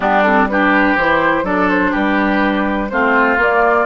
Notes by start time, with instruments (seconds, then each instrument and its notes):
0.00 bassoon G3, clarinet B3, oboe D4, flute G4
0.23 clarinet C4, flute A4
0.48 clarinet D4, oboe G4, flute B4
0.96 bassoon E3, clarinet E4, flute C5
1.43 bassoon F#3, clarinet D4, oboe A4, flute D5
1.69 flute C5
1.91 bassoon G3, oboe G4, flute B4
2.89 bassoon A3, clarinet C4, oboe F4, flute C5
3.37 bassoon A#3, clarinet A#3, flute D5